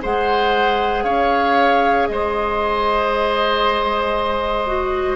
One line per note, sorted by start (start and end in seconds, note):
0.00 1.04 G#3
0.00 4.66 G#4
0.00 1.04 C5
0.00 1.04 F#5
1.04 2.08 C#4
1.04 2.08 C#5
1.04 2.07 F5
2.07 5.16 G#3
2.07 5.16 C5
2.07 5.16 D#5
4.67 5.16 F#4